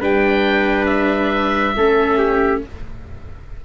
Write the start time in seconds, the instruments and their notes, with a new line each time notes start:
0.00 tuba G3, viola D4, trumpet B4, oboe G5
0.86 oboe E5
1.76 tuba A3, viola C#4, trumpet A4
2.18 trumpet G4